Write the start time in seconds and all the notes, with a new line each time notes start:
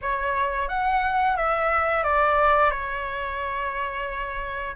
0.01 C#5
0.68 F#5
1.36 E5
2.03 D5
2.71 C#5